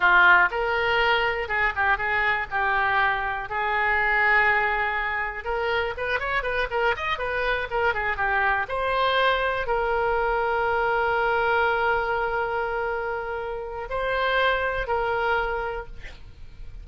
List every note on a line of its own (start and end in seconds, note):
0.00 0.49 F4
0.50 1.48 A#4
1.48 1.73 G#4
1.75 1.97 G4
1.97 2.47 G#4
2.50 3.49 G4
3.49 5.44 G#4
5.44 5.93 A#4
5.97 6.19 B4
6.19 6.42 C#5
6.42 6.67 B4
6.70 6.95 A#4
6.96 7.18 D#5
7.18 7.67 B4
7.70 7.94 A#4
7.94 8.16 G#4
8.16 8.66 G4
8.68 9.66 C5
9.66 13.88 A#4
13.89 14.87 C5
14.87 15.86 A#4